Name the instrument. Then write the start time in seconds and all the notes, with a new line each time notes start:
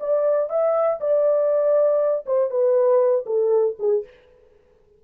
horn
0.00 D5
0.50 E5
1.00 D5
2.26 C5
2.50 B4
3.26 A4
3.79 G#4